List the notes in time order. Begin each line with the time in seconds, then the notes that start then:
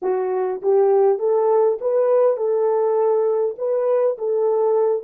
0.02 F#4
0.62 G4
1.19 A4
1.80 B4
2.36 A4
3.58 B4
4.17 A4